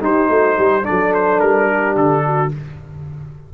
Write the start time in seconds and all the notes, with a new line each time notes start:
0.00 D#4 G4 C5
0.28 A3 F#4
0.58 G3 G4
0.82 D4 A4 D5
0.90 F#3
1.14 C5
1.40 G3 A#4
1.69 G4
1.96 D3 A4
2.26 F#4